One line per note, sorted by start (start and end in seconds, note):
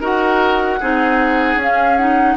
0.00 0.79 D#4
0.00 0.80 F#4
0.00 0.79 A#4
0.00 1.62 F#5
0.80 1.55 C4
0.80 1.60 D#4
0.80 2.37 G#4
1.55 2.34 C#4
1.55 1.99 C#4
1.62 1.97 F5
1.97 2.37 D#4
1.97 2.36 F#5